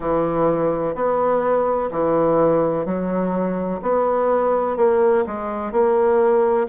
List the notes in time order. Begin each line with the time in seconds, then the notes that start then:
0.00 E3
0.94 B3
1.91 E3
2.85 F#3
3.82 B3
4.76 A#3
5.26 G#3
5.71 A#3